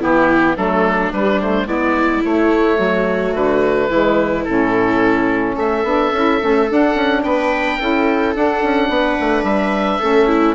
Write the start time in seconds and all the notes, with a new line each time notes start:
0.00 E3 B3 E4 G4
0.57 F#3 A3 D4 A4
1.13 G3 B4
1.41 A3 C5
1.66 G#3 B3 E4 D5
2.25 A3 C#5
2.78 F#3 F#4
3.35 D3 B4
3.90 E3 G#3 E4
4.45 A2 C#4 A4
5.55 A3 A4 E5
5.83 B3 D4
6.13 C#4 E4
6.40 A3 C#4
6.69 D4 F#5
6.95 C#4
7.23 B3 B4 G5
7.80 C#4 E4 A4
8.35 D4 F#5
8.63 C#4
8.89 B3 B4
9.21 A3
9.43 G3 E5
10.00 A3 C#4 A4
10.27 E4